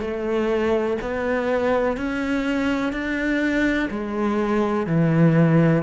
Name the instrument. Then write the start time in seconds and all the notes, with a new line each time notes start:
cello
0.00 A3
1.01 B3
1.97 C#4
2.92 D4
3.90 G#3
4.86 E3